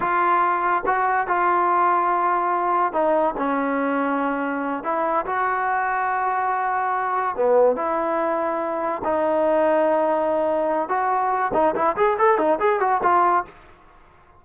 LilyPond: \new Staff \with { instrumentName = "trombone" } { \time 4/4 \tempo 4 = 143 f'2 fis'4 f'4~ | f'2. dis'4 | cis'2.~ cis'8 e'8~ | e'8 fis'2.~ fis'8~ |
fis'4. b4 e'4.~ | e'4. dis'2~ dis'8~ | dis'2 fis'4. dis'8 | e'8 gis'8 a'8 dis'8 gis'8 fis'8 f'4 | }